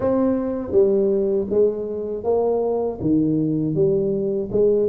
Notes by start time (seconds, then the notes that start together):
0.00 C4
0.71 G3
1.49 G#3
2.23 A#3
3.00 D#3
3.74 G3
4.51 G#3